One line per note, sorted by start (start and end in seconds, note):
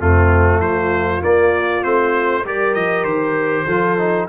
0.00 0.60 F2
0.00 1.22 A3
0.00 0.61 C4
0.00 0.61 F4
0.60 1.21 F3
0.60 2.45 F4
0.60 1.22 C5
1.22 1.83 A#3
1.22 1.85 A#3
1.22 1.84 D5
1.83 2.45 A3
1.83 2.44 C4
1.83 2.45 C5
2.45 2.76 G3
2.45 3.68 G4
2.45 3.67 A#4
2.45 2.75 D5
2.75 3.04 F3
2.75 3.05 D#5
3.04 3.66 D#3
3.04 4.27 C5
3.67 4.29 F3
3.67 3.99 F4
3.67 4.28 A4
3.99 4.29 D#4